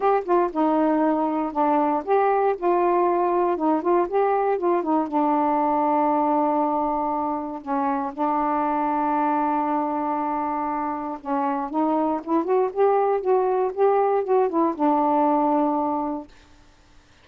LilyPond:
\new Staff \with { instrumentName = "saxophone" } { \time 4/4 \tempo 4 = 118 g'8 f'8 dis'2 d'4 | g'4 f'2 dis'8 f'8 | g'4 f'8 dis'8 d'2~ | d'2. cis'4 |
d'1~ | d'2 cis'4 dis'4 | e'8 fis'8 g'4 fis'4 g'4 | fis'8 e'8 d'2. | }